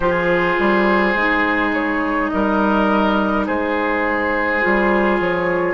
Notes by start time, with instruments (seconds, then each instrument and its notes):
0.00 bassoon F3, clarinet F4, oboe G#4, flute C5
0.59 bassoon G3
1.14 bassoon G#3, clarinet D#4
1.73 flute C#5
2.28 bassoon G3, oboe A#4, flute D#5
3.46 bassoon G#3, oboe G#4, flute C5
4.61 bassoon G3, clarinet F4
5.20 bassoon F3, flute C#5